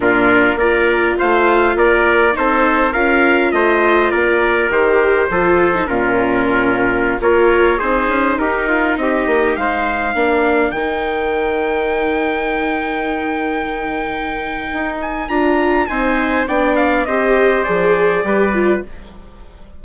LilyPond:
<<
  \new Staff \with { instrumentName = "trumpet" } { \time 4/4 \tempo 4 = 102 ais'4 d''4 f''4 d''4 | c''4 f''4 dis''4 d''4 | c''2 ais'2~ | ais'16 cis''4 c''4 ais'4 dis''8.~ |
dis''16 f''2 g''4.~ g''16~ | g''1~ | g''4. gis''8 ais''4 gis''4 | g''8 f''8 dis''4 d''2 | }
  \new Staff \with { instrumentName = "trumpet" } { \time 4/4 f'4 ais'4 c''4 ais'4 | a'4 ais'4 c''4 ais'4~ | ais'4 a'4 f'2~ | f'16 ais'4 gis'4 g'8 f'8 g'8.~ |
g'16 c''4 ais'2~ ais'8.~ | ais'1~ | ais'2. c''4 | d''4 c''2 b'4 | }
  \new Staff \with { instrumentName = "viola" } { \time 4/4 d'4 f'2. | dis'4 f'2. | g'4 f'8. dis'16 cis'2~ | cis'16 f'4 dis'2~ dis'8.~ |
dis'4~ dis'16 d'4 dis'4.~ dis'16~ | dis'1~ | dis'2 f'4 dis'4 | d'4 g'4 gis'4 g'8 f'8 | }
  \new Staff \with { instrumentName = "bassoon" } { \time 4/4 ais,4 ais4 a4 ais4 | c'4 cis'4 a4 ais4 | dis4 f4 ais,2~ | ais,16 ais4 c'8 cis'8 dis'4 c'8 ais16~ |
ais16 gis4 ais4 dis4.~ dis16~ | dis1~ | dis4 dis'4 d'4 c'4 | b4 c'4 f4 g4 | }
>>